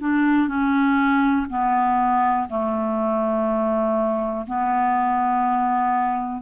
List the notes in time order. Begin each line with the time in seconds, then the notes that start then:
0.00 D4
0.47 C#4
1.49 B3
2.49 A3
4.46 B3